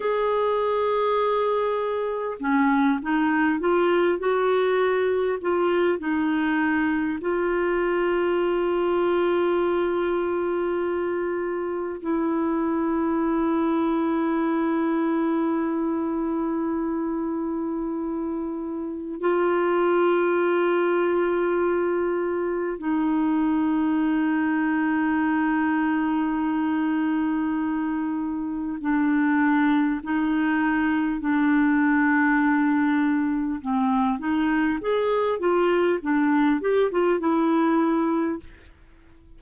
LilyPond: \new Staff \with { instrumentName = "clarinet" } { \time 4/4 \tempo 4 = 50 gis'2 cis'8 dis'8 f'8 fis'8~ | fis'8 f'8 dis'4 f'2~ | f'2 e'2~ | e'1 |
f'2. dis'4~ | dis'1 | d'4 dis'4 d'2 | c'8 dis'8 gis'8 f'8 d'8 g'16 f'16 e'4 | }